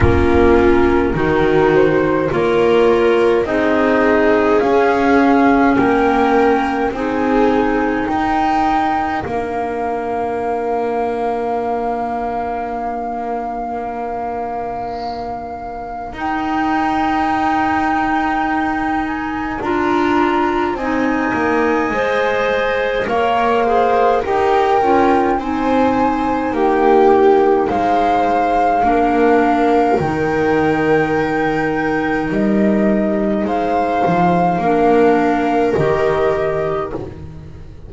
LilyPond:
<<
  \new Staff \with { instrumentName = "flute" } { \time 4/4 \tempo 4 = 52 ais'4. c''8 cis''4 dis''4 | f''4 g''4 gis''4 g''4 | f''1~ | f''2 g''2~ |
g''8 gis''8 ais''4 gis''2 | f''4 g''4 gis''4 g''4 | f''2 g''2 | dis''4 f''2 dis''4 | }
  \new Staff \with { instrumentName = "viola" } { \time 4/4 f'4 fis'4 ais'4 gis'4~ | gis'4 ais'4 gis'4 ais'4~ | ais'1~ | ais'1~ |
ais'2 dis''2 | cis''8 c''8 ais'4 c''4 g'4 | c''4 ais'2.~ | ais'4 c''4 ais'2 | }
  \new Staff \with { instrumentName = "clarinet" } { \time 4/4 cis'4 dis'4 f'4 dis'4 | cis'2 dis'2 | d'1~ | d'2 dis'2~ |
dis'4 f'4 dis'4 c''4 | ais'8 gis'8 g'8 f'8 dis'2~ | dis'4 d'4 dis'2~ | dis'2 d'4 g'4 | }
  \new Staff \with { instrumentName = "double bass" } { \time 4/4 ais4 dis4 ais4 c'4 | cis'4 ais4 c'4 dis'4 | ais1~ | ais2 dis'2~ |
dis'4 d'4 c'8 ais8 gis4 | ais4 dis'8 cis'8 c'4 ais4 | gis4 ais4 dis2 | g4 gis8 f8 ais4 dis4 | }
>>